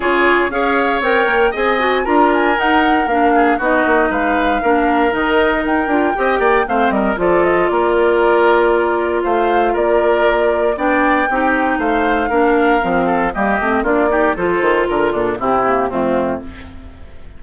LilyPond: <<
  \new Staff \with { instrumentName = "flute" } { \time 4/4 \tempo 4 = 117 cis''4 f''4 g''4 gis''4 | ais''8 gis''8 fis''4 f''4 dis''4 | f''2 dis''4 g''4~ | g''4 f''8 dis''8 d''8 dis''8 d''4~ |
d''2 f''4 d''4~ | d''4 g''2 f''4~ | f''2 dis''4 d''4 | c''4 ais'8 a'8 g'4 f'4 | }
  \new Staff \with { instrumentName = "oboe" } { \time 4/4 gis'4 cis''2 dis''4 | ais'2~ ais'8 gis'8 fis'4 | b'4 ais'2. | dis''8 d''8 c''8 ais'8 a'4 ais'4~ |
ais'2 c''4 ais'4~ | ais'4 d''4 g'4 c''4 | ais'4. a'8 g'4 f'8 g'8 | a'4 ais'8 d'8 e'4 c'4 | }
  \new Staff \with { instrumentName = "clarinet" } { \time 4/4 f'4 gis'4 ais'4 gis'8 fis'8 | f'4 dis'4 d'4 dis'4~ | dis'4 d'4 dis'4. f'8 | g'4 c'4 f'2~ |
f'1~ | f'4 d'4 dis'2 | d'4 c'4 ais8 c'8 d'8 dis'8 | f'2 c'8 ais8 a4 | }
  \new Staff \with { instrumentName = "bassoon" } { \time 4/4 cis4 cis'4 c'8 ais8 c'4 | d'4 dis'4 ais4 b8 ais8 | gis4 ais4 dis4 dis'8 d'8 | c'8 ais8 a8 g8 f4 ais4~ |
ais2 a4 ais4~ | ais4 b4 c'4 a4 | ais4 f4 g8 a8 ais4 | f8 dis8 d8 ais,8 c4 f,4 | }
>>